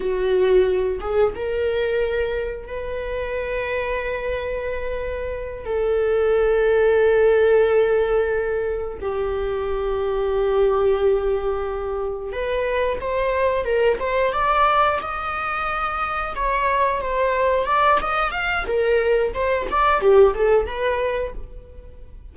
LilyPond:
\new Staff \with { instrumentName = "viola" } { \time 4/4 \tempo 4 = 90 fis'4. gis'8 ais'2 | b'1~ | b'8 a'2.~ a'8~ | a'4. g'2~ g'8~ |
g'2~ g'8 b'4 c''8~ | c''8 ais'8 c''8 d''4 dis''4.~ | dis''8 cis''4 c''4 d''8 dis''8 f''8 | ais'4 c''8 d''8 g'8 a'8 b'4 | }